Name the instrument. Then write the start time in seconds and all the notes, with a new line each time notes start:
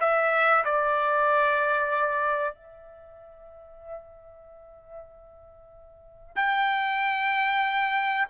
trumpet
0.00 E5
0.64 D5
2.54 E5
6.35 G5